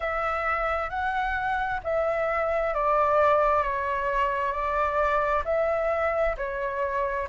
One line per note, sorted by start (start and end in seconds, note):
0.00 0.89 E5
0.89 1.80 F#5
1.83 2.74 E5
2.74 3.63 D5
3.63 4.52 C#5
4.52 5.43 D5
5.45 6.36 E5
6.37 7.28 C#5